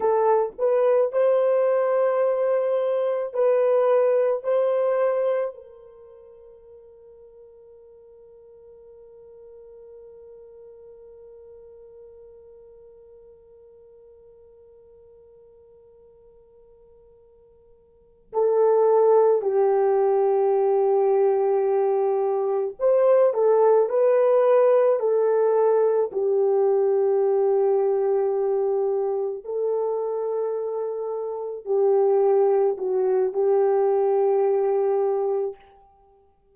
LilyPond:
\new Staff \with { instrumentName = "horn" } { \time 4/4 \tempo 4 = 54 a'8 b'8 c''2 b'4 | c''4 ais'2.~ | ais'1~ | ais'1~ |
ais'8 a'4 g'2~ g'8~ | g'8 c''8 a'8 b'4 a'4 g'8~ | g'2~ g'8 a'4.~ | a'8 g'4 fis'8 g'2 | }